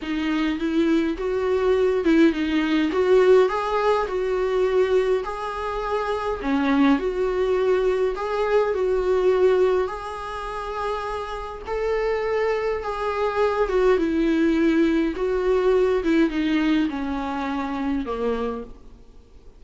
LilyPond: \new Staff \with { instrumentName = "viola" } { \time 4/4 \tempo 4 = 103 dis'4 e'4 fis'4. e'8 | dis'4 fis'4 gis'4 fis'4~ | fis'4 gis'2 cis'4 | fis'2 gis'4 fis'4~ |
fis'4 gis'2. | a'2 gis'4. fis'8 | e'2 fis'4. e'8 | dis'4 cis'2 ais4 | }